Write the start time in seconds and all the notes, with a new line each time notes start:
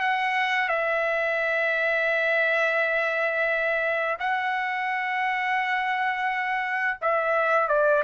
0.00 F#5
0.68 E5
4.19 F#5
7.01 E5
7.68 D5